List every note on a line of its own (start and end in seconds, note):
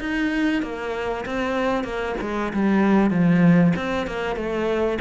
0.00 0.62 D#4
0.62 1.25 A#3
1.26 1.84 C4
1.84 2.15 A#3
2.22 2.53 G#3
2.53 3.11 G3
3.11 3.73 F3
3.76 4.07 C4
4.07 4.36 A#3
4.36 4.98 A3